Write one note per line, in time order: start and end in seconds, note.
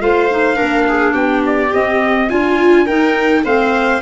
0.00 0.58 A3
0.00 0.29 F4
0.00 0.57 C5
0.00 1.14 F5
0.30 0.55 D#4
0.55 1.69 D4
0.55 0.85 A#4
0.62 1.14 A#3
0.89 1.13 G#4
1.13 1.71 B3
1.13 2.27 G4
1.13 1.42 G5
1.46 1.73 D5
1.73 2.30 C4
1.73 2.31 C4
1.73 2.30 D#5
2.30 2.88 D4
2.30 2.86 F4
2.30 2.88 F4
2.30 2.87 G#5
2.86 3.45 D#4
2.86 3.43 A#4
2.86 3.44 G5
3.44 4.02 A3
3.44 4.02 C4
3.44 4.01 C5
3.44 4.02 F5